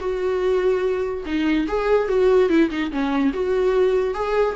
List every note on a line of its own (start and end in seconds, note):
0.00 1.24 F#4
1.26 1.67 D#4
1.68 2.08 G#4
2.08 2.50 F#4
2.50 2.70 E4
2.70 2.91 D#4
2.92 3.33 C#4
3.34 4.14 F#4
4.14 4.56 G#4